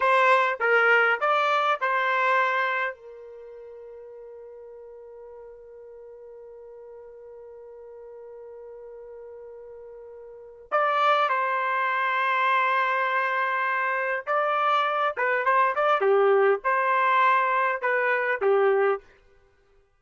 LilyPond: \new Staff \with { instrumentName = "trumpet" } { \time 4/4 \tempo 4 = 101 c''4 ais'4 d''4 c''4~ | c''4 ais'2.~ | ais'1~ | ais'1~ |
ais'2 d''4 c''4~ | c''1 | d''4. b'8 c''8 d''8 g'4 | c''2 b'4 g'4 | }